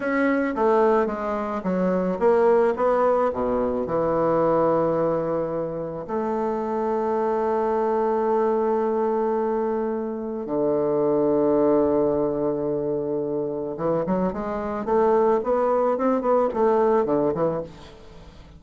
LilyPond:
\new Staff \with { instrumentName = "bassoon" } { \time 4/4 \tempo 4 = 109 cis'4 a4 gis4 fis4 | ais4 b4 b,4 e4~ | e2. a4~ | a1~ |
a2. d4~ | d1~ | d4 e8 fis8 gis4 a4 | b4 c'8 b8 a4 d8 e8 | }